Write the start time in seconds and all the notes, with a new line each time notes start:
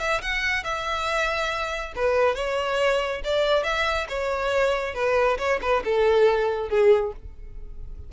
0.00 E5
0.22 F#5
0.64 E5
1.96 B4
2.36 C#5
3.24 D5
3.64 E5
4.09 C#5
4.95 B4
5.38 C#5
5.62 B4
5.85 A4
6.70 G#4